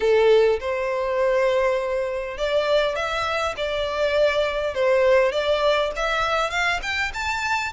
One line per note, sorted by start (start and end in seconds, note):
0.00 0.59 A4
0.59 2.37 C5
2.37 2.95 D5
2.95 3.55 E5
3.56 4.74 D5
4.74 5.32 C5
5.32 5.91 D5
5.95 6.50 E5
6.50 6.80 F5
6.82 7.12 G5
7.13 7.73 A5